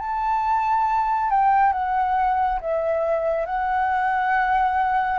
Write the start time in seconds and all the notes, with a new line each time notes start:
0.00 A5
1.30 G5
1.73 F#5
2.61 E5
3.46 F#5